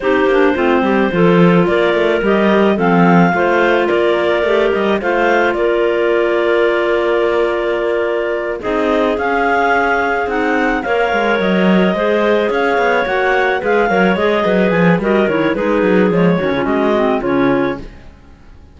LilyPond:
<<
  \new Staff \with { instrumentName = "clarinet" } { \time 4/4 \tempo 4 = 108 c''2. d''4 | dis''4 f''2 d''4~ | d''8 dis''8 f''4 d''2~ | d''2.~ d''8 dis''8~ |
dis''8 f''2 fis''4 f''8~ | f''8 dis''2 f''4 fis''8~ | fis''8 f''4 dis''4 gis''8 dis''8 cis''8 | b'4 cis''4 dis''4 cis''4 | }
  \new Staff \with { instrumentName = "clarinet" } { \time 4/4 g'4 f'8 g'8 a'4 ais'4~ | ais'4 a'4 c''4 ais'4~ | ais'4 c''4 ais'2~ | ais'2.~ ais'8 gis'8~ |
gis'2.~ gis'8 cis''8~ | cis''4. c''4 cis''4.~ | cis''8 b'8 cis''4 b'4 ais'4 | gis'4. fis'16 f'16 fis'4 f'4 | }
  \new Staff \with { instrumentName = "clarinet" } { \time 4/4 dis'8 d'8 c'4 f'2 | g'4 c'4 f'2 | g'4 f'2.~ | f'2.~ f'8 dis'8~ |
dis'8 cis'2 dis'4 ais'8~ | ais'4. gis'2 fis'8~ | fis'8 gis'8 ais'8 gis'4. fis'8 e'8 | dis'4 gis8 cis'4 c'8 cis'4 | }
  \new Staff \with { instrumentName = "cello" } { \time 4/4 c'8 ais8 a8 g8 f4 ais8 a8 | g4 f4 a4 ais4 | a8 g8 a4 ais2~ | ais2.~ ais8 c'8~ |
c'8 cis'2 c'4 ais8 | gis8 fis4 gis4 cis'8 b8 ais8~ | ais8 gis8 fis8 gis8 fis8 f8 g8 dis8 | gis8 fis8 f8 dis16 cis16 gis4 cis4 | }
>>